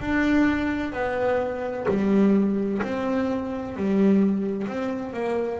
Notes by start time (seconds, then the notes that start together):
0.00 D4
0.92 B3
1.88 G3
2.83 C4
3.76 G3
4.67 C4
5.13 A#3